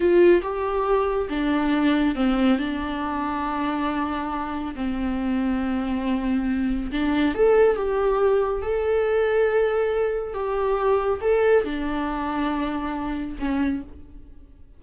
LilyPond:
\new Staff \with { instrumentName = "viola" } { \time 4/4 \tempo 4 = 139 f'4 g'2 d'4~ | d'4 c'4 d'2~ | d'2. c'4~ | c'1 |
d'4 a'4 g'2 | a'1 | g'2 a'4 d'4~ | d'2. cis'4 | }